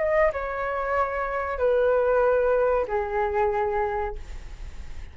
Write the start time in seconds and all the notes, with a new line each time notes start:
0.00 D#5
0.33 C#5
1.59 B4
2.88 G#4